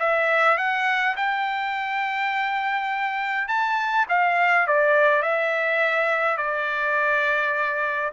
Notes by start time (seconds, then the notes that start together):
0.00 E5
0.58 F#5
1.17 G5
3.48 A5
4.09 F5
4.67 D5
5.23 E5
6.37 D5